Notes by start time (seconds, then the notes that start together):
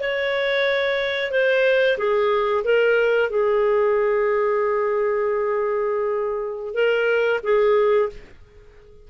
0.00 C#5
1.32 C5
1.98 G#4
2.64 A#4
3.30 G#4
6.74 A#4
7.44 G#4